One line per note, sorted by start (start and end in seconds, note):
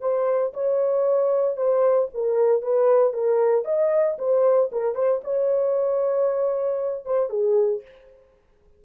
0.00 0.52 C5
0.53 1.56 C#5
1.56 2.08 C5
2.13 2.62 A#4
2.62 3.13 B4
3.13 3.65 A#4
3.65 4.17 D#5
4.18 4.70 C5
4.72 4.94 A#4
4.94 5.21 C5
5.24 7.05 C#5
7.05 7.29 C5
7.29 7.81 G#4